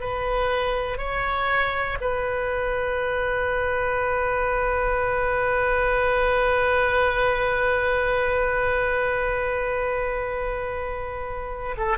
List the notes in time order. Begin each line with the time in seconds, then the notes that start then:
0.00 B4
0.97 C#5
2.00 B4
11.77 A4